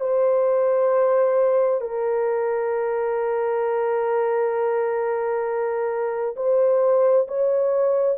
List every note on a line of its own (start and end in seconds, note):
0.00 1.81 C5
1.81 6.36 A#4
6.36 7.27 C5
7.28 8.18 C#5